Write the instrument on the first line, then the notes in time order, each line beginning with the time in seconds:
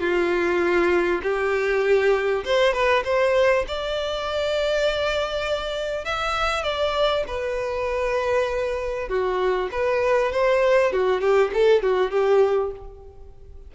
violin
0.00 F4
1.23 G4
2.45 C5
2.73 B4
3.04 C5
3.67 D5
6.05 E5
6.63 D5
7.27 B4
9.09 F#4
9.72 B4
10.32 C5
10.92 F#4
11.21 G4
11.53 A4
11.83 F#4
12.11 G4